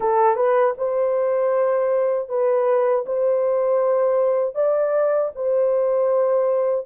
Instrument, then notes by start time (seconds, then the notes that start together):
horn
0.00 A4
0.36 B4
0.77 C5
2.28 B4
3.06 C5
4.55 D5
5.35 C5